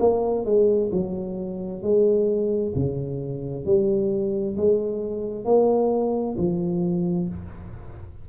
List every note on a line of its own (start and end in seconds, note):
0.00 0.45 A#3
0.45 0.91 G#3
0.92 1.83 F#3
1.83 2.74 G#3
2.76 3.65 C#3
3.65 4.56 G3
4.57 5.45 G#3
5.45 6.36 A#3
6.38 7.29 F3